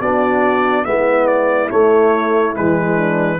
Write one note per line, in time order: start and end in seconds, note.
0.00 0.85 B3
0.00 0.86 D4
0.00 0.85 F#4
0.00 0.85 D5
0.85 1.70 G#3
0.85 1.70 B3
0.85 2.96 E4
0.85 1.27 E5
1.27 1.69 D5
1.70 2.54 A3
1.70 2.57 A3
1.70 2.55 C#5
2.55 3.40 E3
2.55 3.39 G#3
2.55 3.40 B4
2.96 3.38 D4